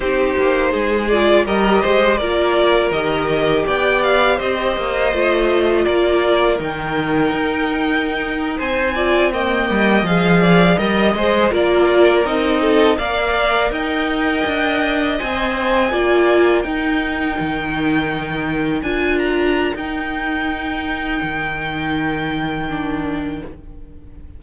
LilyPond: <<
  \new Staff \with { instrumentName = "violin" } { \time 4/4 \tempo 4 = 82 c''4. d''8 dis''4 d''4 | dis''4 g''8 f''8 dis''2 | d''4 g''2~ g''8. gis''16~ | gis''8. g''4 f''4 dis''8 c''8 d''16~ |
d''8. dis''4 f''4 g''4~ g''16~ | g''8. gis''2 g''4~ g''16~ | g''4.~ g''16 gis''8 ais''8. g''4~ | g''1 | }
  \new Staff \with { instrumentName = "violin" } { \time 4/4 g'4 gis'4 ais'8 c''8 ais'4~ | ais'4 d''4 c''2 | ais'2.~ ais'8. c''16~ | c''16 d''8 dis''4. d''8 dis''4 ais'16~ |
ais'4~ ais'16 a'8 d''4 dis''4~ dis''16~ | dis''4.~ dis''16 d''4 ais'4~ ais'16~ | ais'1~ | ais'1 | }
  \new Staff \with { instrumentName = "viola" } { \time 4/4 dis'4. f'8 g'4 f'4 | g'2. f'4~ | f'4 dis'2.~ | dis'16 f'8 ais4 gis'4 ais'8 gis'8 f'16~ |
f'8. dis'4 ais'2~ ais'16~ | ais'8. c''4 f'4 dis'4~ dis'16~ | dis'4.~ dis'16 f'4~ f'16 dis'4~ | dis'2. d'4 | }
  \new Staff \with { instrumentName = "cello" } { \time 4/4 c'8 ais8 gis4 g8 gis8 ais4 | dis4 b4 c'8 ais8 a4 | ais4 dis4 dis'4.~ dis'16 c'16~ | c'4~ c'16 g8 f4 g8 gis8 ais16~ |
ais8. c'4 ais4 dis'4 d'16~ | d'8. c'4 ais4 dis'4 dis16~ | dis4.~ dis16 d'4~ d'16 dis'4~ | dis'4 dis2. | }
>>